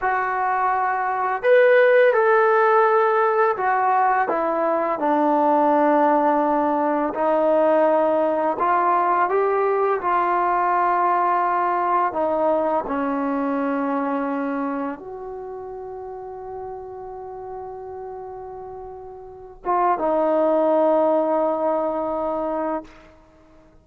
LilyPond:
\new Staff \with { instrumentName = "trombone" } { \time 4/4 \tempo 4 = 84 fis'2 b'4 a'4~ | a'4 fis'4 e'4 d'4~ | d'2 dis'2 | f'4 g'4 f'2~ |
f'4 dis'4 cis'2~ | cis'4 fis'2.~ | fis'2.~ fis'8 f'8 | dis'1 | }